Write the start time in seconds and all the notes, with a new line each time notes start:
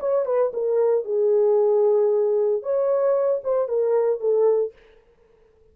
0.00 C#5
0.26 B4
0.54 A#4
1.05 G#4
2.62 C#5
3.44 C5
3.68 A#4
4.20 A4